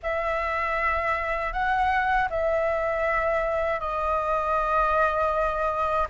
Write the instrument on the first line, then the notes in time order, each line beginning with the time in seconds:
flute
0.02 E5
1.52 F#5
2.30 E5
3.79 D#5